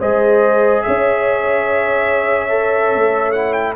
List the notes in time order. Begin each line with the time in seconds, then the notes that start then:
0.00 G#3 G#4 C5 D#5
0.83 C#4 C#5 E5
2.49 A4
2.95 A3
3.32 E4 F#5
3.53 G5